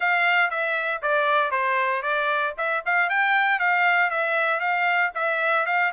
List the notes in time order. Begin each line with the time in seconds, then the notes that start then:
0.00 F5
0.50 E5
1.02 D5
1.51 C5
2.02 D5
2.57 E5
2.85 F5
3.09 G5
3.59 F5
4.10 E5
4.60 F5
5.14 E5
5.65 F5